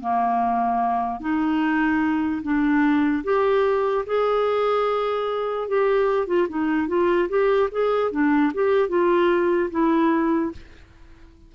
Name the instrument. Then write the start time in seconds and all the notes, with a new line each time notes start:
clarinet
0.00 A#3
1.21 D#4
2.43 D4
3.24 G4
4.06 G#4
5.68 G4
6.27 F4
6.49 D#4
6.88 F4
7.29 G4
7.72 G#4
8.12 D4
8.54 G4
8.89 F4
9.71 E4